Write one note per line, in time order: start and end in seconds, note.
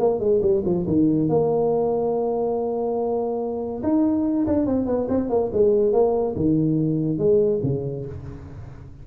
0.00 0.20 A#3
0.20 0.41 G#3
0.42 0.64 G3
0.66 0.87 F3
0.87 1.29 D#3
1.29 3.83 A#3
3.83 4.47 D#4
4.48 4.67 D4
4.67 4.87 C4
4.87 5.08 B3
5.09 5.30 C4
5.30 5.51 A#3
5.53 5.93 G#3
5.93 6.35 A#3
6.36 7.19 D#3
7.19 7.61 G#3
7.64 8.06 C#3